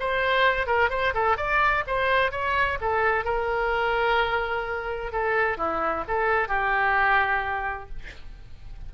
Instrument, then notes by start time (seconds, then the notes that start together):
oboe
0.00 C5
0.67 A#4
0.90 C5
1.15 A4
1.37 D5
1.87 C5
2.32 C#5
2.81 A4
3.25 A#4
5.13 A4
5.58 E4
6.08 A4
6.49 G4